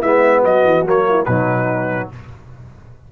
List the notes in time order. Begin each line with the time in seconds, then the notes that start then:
0.00 G#3 B3 E4 E5
0.42 F#3 F#4 D#5
0.64 E3
0.83 F#3 A#3 C#5
1.09 E4
1.25 B2 F#3 D#4 B4